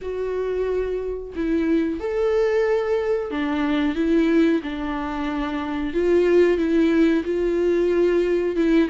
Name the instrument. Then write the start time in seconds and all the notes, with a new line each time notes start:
viola
0.01 F#4
1.35 E4
2.00 A4
3.30 D4
3.95 E4
4.62 D4
5.93 F4
6.57 E4
7.24 F4
8.56 E4